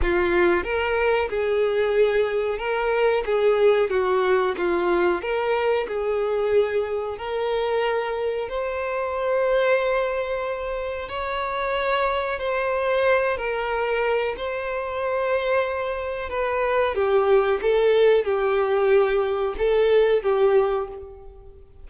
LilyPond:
\new Staff \with { instrumentName = "violin" } { \time 4/4 \tempo 4 = 92 f'4 ais'4 gis'2 | ais'4 gis'4 fis'4 f'4 | ais'4 gis'2 ais'4~ | ais'4 c''2.~ |
c''4 cis''2 c''4~ | c''8 ais'4. c''2~ | c''4 b'4 g'4 a'4 | g'2 a'4 g'4 | }